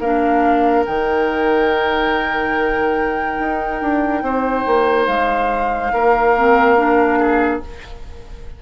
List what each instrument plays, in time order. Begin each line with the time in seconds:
0.00 bassoon A#3, clarinet D4, oboe A#4, flute F5
0.86 bassoon D#3, clarinet D#4, flute G5
3.39 bassoon D#4
3.82 bassoon D4
4.22 bassoon C4, oboe C5
4.66 bassoon A#3
5.06 bassoon G#3, flute F5
5.93 bassoon A#3, oboe A#4
6.38 clarinet C4
6.77 clarinet D4
7.19 oboe G#4